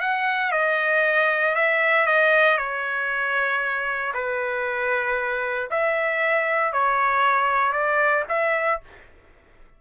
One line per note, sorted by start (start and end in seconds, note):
0.00 0.51 F#5
0.51 1.55 D#5
1.55 2.06 E5
2.06 2.57 D#5
2.57 4.12 C#5
4.14 5.69 B4
5.70 6.73 E5
6.73 7.72 C#5
7.72 8.24 D5
8.29 8.80 E5